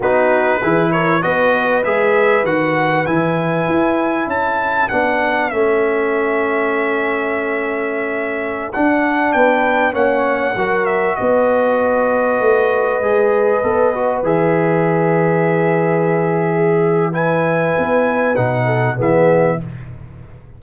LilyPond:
<<
  \new Staff \with { instrumentName = "trumpet" } { \time 4/4 \tempo 4 = 98 b'4. cis''8 dis''4 e''4 | fis''4 gis''2 a''4 | fis''4 e''2.~ | e''2~ e''16 fis''4 g''8.~ |
g''16 fis''4. e''8 dis''4.~ dis''16~ | dis''2.~ dis''16 e''8.~ | e''1 | gis''2 fis''4 e''4 | }
  \new Staff \with { instrumentName = "horn" } { \time 4/4 fis'4 gis'8 ais'8 b'2~ | b'2. a'4~ | a'1~ | a'2.~ a'16 b'8.~ |
b'16 cis''4 ais'4 b'4.~ b'16~ | b'1~ | b'2. gis'4 | b'2~ b'8 a'8 gis'4 | }
  \new Staff \with { instrumentName = "trombone" } { \time 4/4 dis'4 e'4 fis'4 gis'4 | fis'4 e'2. | d'4 cis'2.~ | cis'2~ cis'16 d'4.~ d'16~ |
d'16 cis'4 fis'2~ fis'8.~ | fis'4~ fis'16 gis'4 a'8 fis'8 gis'8.~ | gis'1 | e'2 dis'4 b4 | }
  \new Staff \with { instrumentName = "tuba" } { \time 4/4 b4 e4 b4 gis4 | dis4 e4 e'4 cis'4 | b4 a2.~ | a2~ a16 d'4 b8.~ |
b16 ais4 fis4 b4.~ b16~ | b16 a4 gis4 b4 e8.~ | e1~ | e4 b4 b,4 e4 | }
>>